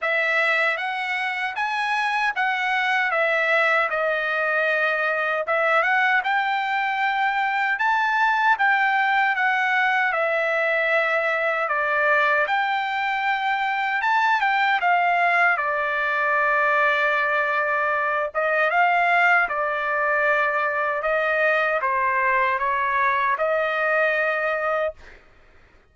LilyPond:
\new Staff \with { instrumentName = "trumpet" } { \time 4/4 \tempo 4 = 77 e''4 fis''4 gis''4 fis''4 | e''4 dis''2 e''8 fis''8 | g''2 a''4 g''4 | fis''4 e''2 d''4 |
g''2 a''8 g''8 f''4 | d''2.~ d''8 dis''8 | f''4 d''2 dis''4 | c''4 cis''4 dis''2 | }